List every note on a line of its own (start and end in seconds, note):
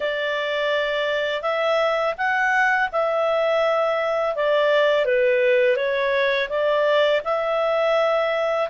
0.00 1.42 D5
1.42 2.14 E5
2.17 2.89 F#5
2.91 4.35 E5
4.35 5.05 D5
5.05 5.76 B4
5.76 6.48 C#5
6.49 7.21 D5
7.24 8.69 E5